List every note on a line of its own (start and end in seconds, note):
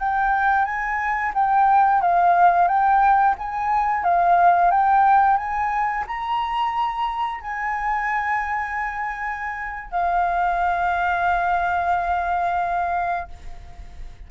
0.00 0.65 G5
0.65 1.33 G#5
1.35 2.02 G5
2.02 2.68 F5
2.68 3.36 G5
3.39 4.04 G#5
4.04 4.71 F5
4.71 5.37 G5
5.37 6.05 G#5
6.07 7.41 A#5
7.41 9.92 G#5
9.92 13.29 F5